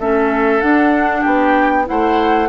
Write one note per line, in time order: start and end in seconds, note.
0.00 0.62 A3
0.00 0.62 C#4
0.00 1.21 A4
0.00 0.61 E5
0.61 1.24 D4
0.61 1.85 D4
0.61 1.23 F#5
1.21 1.88 B3
1.21 1.83 G4
1.21 1.86 G5
1.85 2.49 A3
1.85 2.48 E4
1.85 2.49 C5
1.85 2.49 F#5